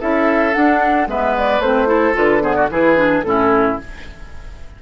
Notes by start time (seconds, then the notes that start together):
0.00 C#4 E4 A4 E5
0.53 D4 F#5
1.07 G#3 B3 B4 E5
1.38 D5
1.59 A3 C4 C5
1.86 E4 A4
2.14 D3 F4 B4
2.41 B3 G#4 C5
2.54 F#4 D5
2.70 E3 E4 G#4 B4
2.96 D4
3.22 A2 C#4 E4 A4